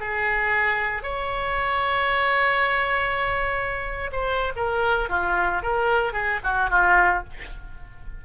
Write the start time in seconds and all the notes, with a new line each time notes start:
0.00 G#4
1.03 C#5
4.12 C5
4.56 A#4
5.09 F4
5.62 A#4
6.13 G#4
6.44 F#4
6.70 F4